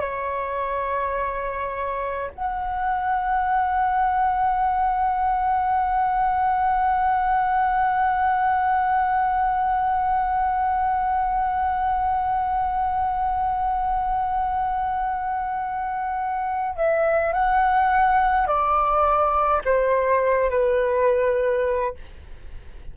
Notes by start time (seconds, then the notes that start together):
0.00 C#5
2.34 F#5
16.76 E5
17.33 F#5
18.46 D5
19.64 C5
20.50 B4